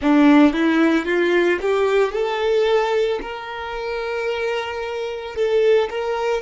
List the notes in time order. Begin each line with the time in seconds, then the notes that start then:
0.01 D4
0.53 E4
1.05 F4
1.61 G4
2.12 A4
3.21 A#4
5.35 A4
5.90 A#4